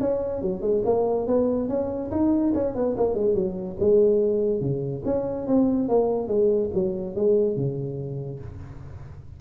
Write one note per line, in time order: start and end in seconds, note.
0.00 0.42 C#4
0.42 0.61 F#3
0.61 0.82 G#3
0.85 1.27 A#3
1.27 1.69 B3
1.69 2.11 C#4
2.11 2.53 D#4
2.54 2.75 C#4
2.75 2.96 B3
2.97 3.14 A#3
3.14 3.35 G#3
3.35 3.77 F#3
3.80 4.61 G#3
4.61 5.03 C#3
5.05 5.47 C#4
5.47 5.89 C4
5.89 6.28 A#3
6.28 6.70 G#3
6.74 7.16 F#3
7.16 7.56 G#3
7.56 8.40 C#3